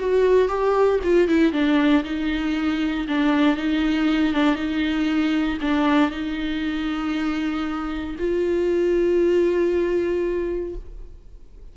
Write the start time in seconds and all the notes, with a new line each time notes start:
0.00 F#4
0.48 G4
1.04 F4
1.28 E4
1.52 D4
2.04 D#4
3.08 D4
3.57 D#4
4.34 D4
4.55 D#4
5.61 D4
6.11 D#4
8.19 F4